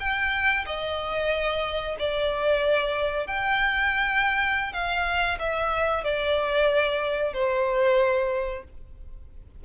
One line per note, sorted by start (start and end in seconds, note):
0.00 0.65 G5
0.66 1.96 D#5
1.99 3.27 D5
3.27 4.73 G5
4.73 5.38 F5
5.39 6.04 E5
6.04 7.33 D5
7.33 8.64 C5